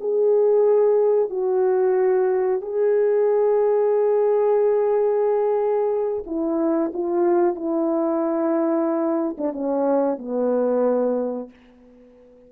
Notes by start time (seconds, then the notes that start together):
0.00 G#4
1.30 F#4
2.61 G#4
6.26 E4
6.93 F4
7.55 E4
9.38 D4
9.53 C#4
10.18 B3